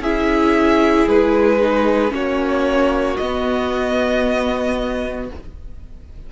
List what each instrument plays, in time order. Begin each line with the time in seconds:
0.00 cello C#4, viola E4, violin G#4 E5
1.07 cello G#3, violin B4
1.61 viola D#4
2.09 cello A#3, viola C#4, violin F#4 C#5
3.17 cello B3, viola B3, violin D#5